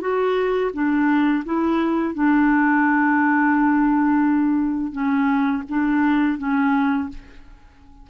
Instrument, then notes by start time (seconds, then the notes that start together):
clarinet
0.00 F#4
0.73 D4
1.45 E4
2.14 D4
4.92 C#4
5.69 D4
6.38 C#4